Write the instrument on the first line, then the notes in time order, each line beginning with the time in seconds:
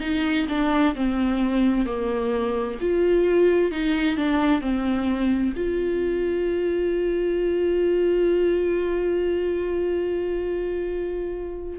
viola
0.00 D#4
0.48 D4
0.95 C4
1.85 A#3
2.81 F4
3.71 D#4
4.17 D4
4.61 C4
5.56 F4